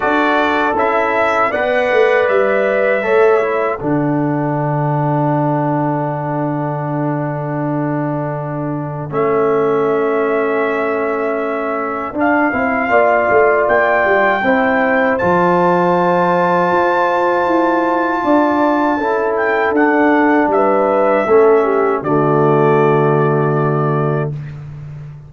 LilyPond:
<<
  \new Staff \with { instrumentName = "trumpet" } { \time 4/4 \tempo 4 = 79 d''4 e''4 fis''4 e''4~ | e''4 fis''2.~ | fis''1 | e''1 |
f''2 g''2 | a''1~ | a''4. g''8 fis''4 e''4~ | e''4 d''2. | }
  \new Staff \with { instrumentName = "horn" } { \time 4/4 a'2 d''2 | cis''4 a'2.~ | a'1~ | a'1~ |
a'4 d''2 c''4~ | c''1 | d''4 a'2 b'4 | a'8 g'8 fis'2. | }
  \new Staff \with { instrumentName = "trombone" } { \time 4/4 fis'4 e'4 b'2 | a'8 e'8 d'2.~ | d'1 | cis'1 |
d'8 e'8 f'2 e'4 | f'1~ | f'4 e'4 d'2 | cis'4 a2. | }
  \new Staff \with { instrumentName = "tuba" } { \time 4/4 d'4 cis'4 b8 a8 g4 | a4 d2.~ | d1 | a1 |
d'8 c'8 ais8 a8 ais8 g8 c'4 | f2 f'4 e'4 | d'4 cis'4 d'4 g4 | a4 d2. | }
>>